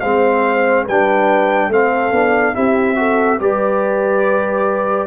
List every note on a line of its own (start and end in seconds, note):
0.00 0.87 G#3
0.00 0.88 C4
0.00 0.84 C5
0.00 0.85 F5
0.84 1.68 G3
0.84 1.69 B4
0.84 1.72 G5
0.91 1.72 D4
1.68 2.11 A3
1.68 2.13 C4
1.68 2.55 A4
1.68 2.55 F5
2.12 2.54 B3
2.12 2.54 D4
2.54 3.40 C4
2.54 2.96 E4
2.54 2.97 G4
2.54 3.40 E5
2.96 3.38 F#4
2.96 3.40 A4
3.39 5.07 G3
3.39 5.07 G4
3.39 5.07 B4
3.39 5.07 D5